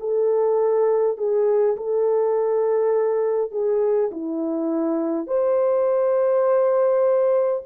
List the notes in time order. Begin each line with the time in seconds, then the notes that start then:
0.00 A4
1.18 G#4
1.77 A4
3.52 G#4
4.12 E4
5.27 C5